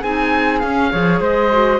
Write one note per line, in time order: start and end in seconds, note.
0.00 0.62 C4
0.00 0.62 D#4
0.00 0.89 G#4
0.00 0.59 G#5
0.59 0.91 C#4
0.59 0.93 C#4
0.59 1.18 F5
0.91 1.20 F3
0.91 1.51 G#4
0.91 1.21 C#5
1.20 1.79 G#3
1.20 1.79 C5
1.20 1.79 D#5
1.52 1.79 F#4